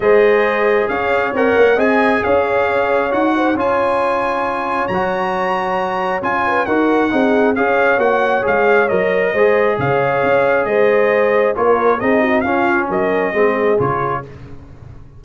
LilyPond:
<<
  \new Staff \with { instrumentName = "trumpet" } { \time 4/4 \tempo 4 = 135 dis''2 f''4 fis''4 | gis''4 f''2 fis''4 | gis''2. ais''4~ | ais''2 gis''4 fis''4~ |
fis''4 f''4 fis''4 f''4 | dis''2 f''2 | dis''2 cis''4 dis''4 | f''4 dis''2 cis''4 | }
  \new Staff \with { instrumentName = "horn" } { \time 4/4 c''2 cis''2 | dis''4 cis''2~ cis''8 c''8 | cis''1~ | cis''2~ cis''8 b'8 ais'4 |
gis'4 cis''2.~ | cis''4 c''4 cis''2 | c''2 ais'4 gis'8 fis'8 | f'4 ais'4 gis'2 | }
  \new Staff \with { instrumentName = "trombone" } { \time 4/4 gis'2. ais'4 | gis'2. fis'4 | f'2. fis'4~ | fis'2 f'4 fis'4 |
dis'4 gis'4 fis'4 gis'4 | ais'4 gis'2.~ | gis'2 f'4 dis'4 | cis'2 c'4 f'4 | }
  \new Staff \with { instrumentName = "tuba" } { \time 4/4 gis2 cis'4 c'8 ais8 | c'4 cis'2 dis'4 | cis'2. fis4~ | fis2 cis'4 dis'4 |
c'4 cis'4 ais4 gis4 | fis4 gis4 cis4 cis'4 | gis2 ais4 c'4 | cis'4 fis4 gis4 cis4 | }
>>